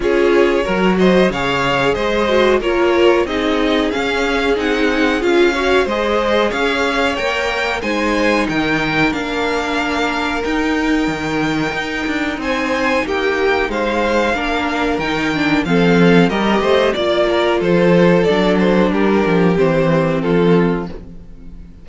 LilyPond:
<<
  \new Staff \with { instrumentName = "violin" } { \time 4/4 \tempo 4 = 92 cis''4. dis''8 f''4 dis''4 | cis''4 dis''4 f''4 fis''4 | f''4 dis''4 f''4 g''4 | gis''4 g''4 f''2 |
g''2. gis''4 | g''4 f''2 g''4 | f''4 dis''4 d''4 c''4 | d''8 c''8 ais'4 c''4 a'4 | }
  \new Staff \with { instrumentName = "violin" } { \time 4/4 gis'4 ais'8 c''8 cis''4 c''4 | ais'4 gis'2.~ | gis'8 cis''8 c''4 cis''2 | c''4 ais'2.~ |
ais'2. c''4 | g'4 c''4 ais'2 | a'4 ais'8 c''8 d''8 ais'8 a'4~ | a'4 g'2 f'4 | }
  \new Staff \with { instrumentName = "viola" } { \time 4/4 f'4 fis'4 gis'4. fis'8 | f'4 dis'4 cis'4 dis'4 | f'8 fis'8 gis'2 ais'4 | dis'2 d'2 |
dis'1~ | dis'2 d'4 dis'8 d'8 | c'4 g'4 f'2 | d'2 c'2 | }
  \new Staff \with { instrumentName = "cello" } { \time 4/4 cis'4 fis4 cis4 gis4 | ais4 c'4 cis'4 c'4 | cis'4 gis4 cis'4 ais4 | gis4 dis4 ais2 |
dis'4 dis4 dis'8 d'8 c'4 | ais4 gis4 ais4 dis4 | f4 g8 a8 ais4 f4 | fis4 g8 f8 e4 f4 | }
>>